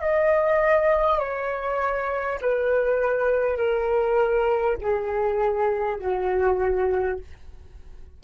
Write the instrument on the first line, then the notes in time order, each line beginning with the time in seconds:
flute
0.00 D#5
1.19 C#5
2.41 B4
3.57 A#4
4.81 G#4
5.98 F#4